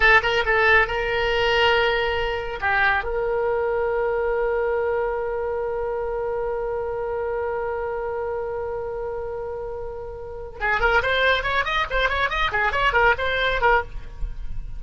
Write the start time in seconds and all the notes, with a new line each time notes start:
0.00 A4
0.22 A#4
0.45 A4
0.87 A#4
2.60 G4
3.03 A#4
10.60 G#4
10.80 A#4
11.02 C5
11.43 C#5
11.64 D#5
11.90 C5
12.09 C#5
12.29 D#5
12.51 G#4
12.71 C#5
12.92 A#4
13.18 C5
13.61 A#4